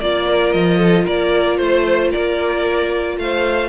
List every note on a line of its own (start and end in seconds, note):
0.00 0.53 A#3
0.00 3.68 F4
0.00 0.52 D5
0.00 0.27 D5
0.27 0.78 A#4
0.52 1.06 F3
0.52 1.05 D#5
0.78 1.04 A4
1.04 1.59 A#3
1.04 1.57 A#4
1.04 1.57 D5
1.57 2.12 A3
1.57 2.10 C5
1.57 2.11 C5
2.11 3.17 A#3
2.11 3.17 A#4
2.11 3.18 D5
3.17 3.68 A3
3.17 3.68 C5
3.17 3.68 F5